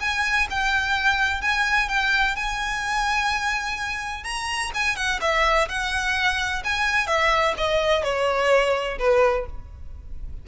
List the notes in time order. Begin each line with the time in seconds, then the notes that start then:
0.00 G#5
0.50 G5
1.42 G#5
1.88 G5
2.36 G#5
4.24 A#5
4.74 G#5
4.96 F#5
5.21 E5
5.68 F#5
6.64 G#5
7.07 E5
7.57 D#5
8.03 C#5
8.98 B4